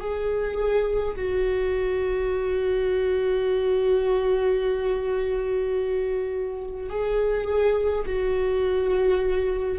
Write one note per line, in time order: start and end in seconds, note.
0.00 1.15 G#4
1.16 6.90 F#4
6.90 8.05 G#4
8.07 9.79 F#4